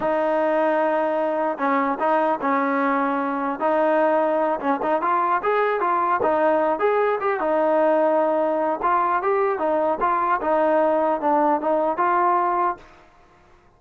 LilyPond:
\new Staff \with { instrumentName = "trombone" } { \time 4/4 \tempo 4 = 150 dis'1 | cis'4 dis'4 cis'2~ | cis'4 dis'2~ dis'8 cis'8 | dis'8 f'4 gis'4 f'4 dis'8~ |
dis'4 gis'4 g'8 dis'4.~ | dis'2 f'4 g'4 | dis'4 f'4 dis'2 | d'4 dis'4 f'2 | }